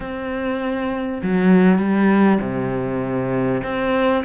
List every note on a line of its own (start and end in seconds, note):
0.00 1.21 C4
1.23 1.78 F#3
1.78 2.39 G3
2.40 3.62 C3
3.63 4.23 C4